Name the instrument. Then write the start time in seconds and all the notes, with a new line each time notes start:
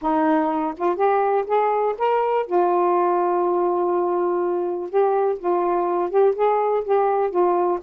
saxophone
0.01 D#4
0.77 F4
0.95 G4
1.46 G#4
1.98 A#4
2.46 F4
4.89 G4
5.38 F4
6.10 G4
6.35 G#4
6.84 G4
7.30 F4